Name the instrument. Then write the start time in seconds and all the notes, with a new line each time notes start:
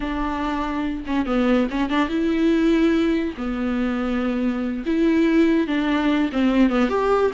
viola
0.00 D4
1.06 C#4
1.26 B3
1.70 C#4
1.89 D4
2.08 E4
3.37 B3
4.86 E4
5.67 D4
6.32 C4
6.69 B3
6.89 G4